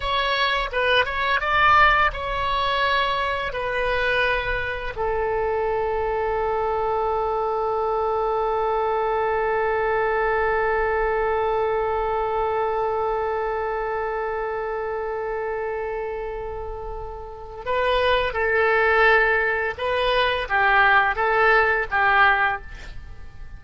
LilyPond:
\new Staff \with { instrumentName = "oboe" } { \time 4/4 \tempo 4 = 85 cis''4 b'8 cis''8 d''4 cis''4~ | cis''4 b'2 a'4~ | a'1~ | a'1~ |
a'1~ | a'1~ | a'4 b'4 a'2 | b'4 g'4 a'4 g'4 | }